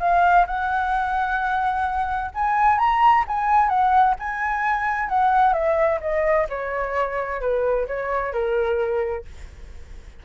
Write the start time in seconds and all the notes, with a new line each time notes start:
0.00 F5
0.47 F#5
2.35 G#5
2.78 A#5
3.28 G#5
3.69 F#5
4.19 G#5
5.09 F#5
5.53 E5
6.01 D#5
6.50 C#5
7.41 B4
7.88 C#5
8.33 A#4